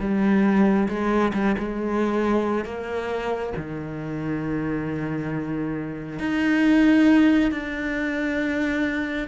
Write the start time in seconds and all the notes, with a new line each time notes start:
0.00 G3
0.89 G#3
1.34 G3
1.58 G#3
2.65 A#3
3.57 D#3
6.20 D#4
7.52 D4